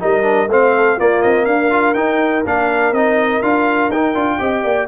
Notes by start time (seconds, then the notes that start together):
0.00 G3 D#4 A#4 D#5
0.23 D4
0.48 A3 C4 C5 F5
0.77 A4
0.97 A#3 F4 D5
1.22 C4 D#5
1.46 D4 A#4 F5
1.71 F4
1.94 D#4 G5
2.46 A#3 D4 F5
2.92 C4 D#4 D#5
3.42 D4 F4 F5
3.89 D#4 G5
4.15 D4 F4
4.39 C4 G4 D#5
4.64 A#3 D5